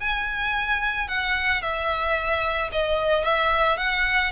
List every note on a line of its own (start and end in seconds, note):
0.00 1.08 G#5
1.08 1.62 F#5
1.62 2.70 E5
2.72 3.24 D#5
3.24 3.77 E5
3.77 4.31 F#5